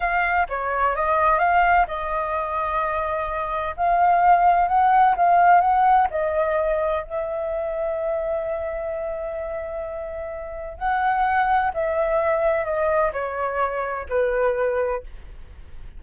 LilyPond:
\new Staff \with { instrumentName = "flute" } { \time 4/4 \tempo 4 = 128 f''4 cis''4 dis''4 f''4 | dis''1 | f''2 fis''4 f''4 | fis''4 dis''2 e''4~ |
e''1~ | e''2. fis''4~ | fis''4 e''2 dis''4 | cis''2 b'2 | }